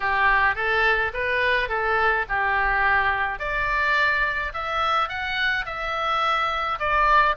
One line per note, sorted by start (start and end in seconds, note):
0.00 0.55 G4
0.55 1.11 A4
1.13 1.69 B4
1.69 2.25 A4
2.28 3.39 G4
3.39 4.52 D5
4.53 5.08 E5
5.08 5.65 F#5
5.65 6.78 E5
6.79 7.35 D5